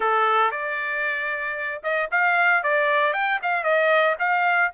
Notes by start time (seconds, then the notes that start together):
0.00 A4
0.51 D5
1.83 D#5
2.11 F5
2.63 D5
3.13 G5
3.42 F5
3.63 D#5
4.19 F5